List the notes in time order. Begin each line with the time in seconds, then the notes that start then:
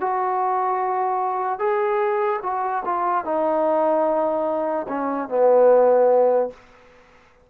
0.00 F#4
1.59 G#4
2.43 F#4
2.85 F4
3.24 D#4
4.88 C#4
5.29 B3